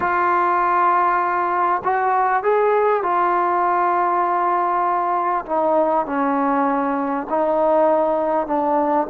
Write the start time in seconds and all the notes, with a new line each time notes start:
0.00 F4
1.83 F#4
2.43 G#4
3.02 F4
5.45 D#4
6.06 C#4
7.29 D#4
8.46 D4